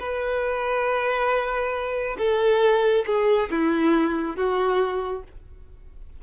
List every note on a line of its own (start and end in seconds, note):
0.00 2.17 B4
2.19 3.06 A4
3.07 3.50 G#4
3.51 4.37 E4
4.37 5.24 F#4